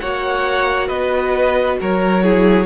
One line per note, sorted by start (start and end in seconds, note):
0.00 0.90 A#3
0.00 2.24 F#4
0.00 0.88 C#5
0.00 0.89 F#5
0.88 1.80 B3
0.88 1.77 B4
0.88 1.78 D#5
1.81 2.67 F#3
1.81 2.24 A#4
1.81 2.67 C#5
2.24 2.67 E4
2.24 2.67 G#4